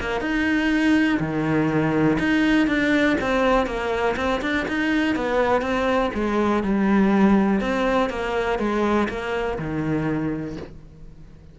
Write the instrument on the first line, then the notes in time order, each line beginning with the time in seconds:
cello
0.00 A#3
0.21 D#4
1.19 D#3
2.19 D#4
2.67 D4
3.21 C4
3.66 A#3
4.16 C4
4.42 D4
4.68 D#4
5.15 B3
5.62 C4
6.14 G#3
6.63 G3
7.60 C4
8.09 A#3
8.59 G#3
9.09 A#3
9.58 D#3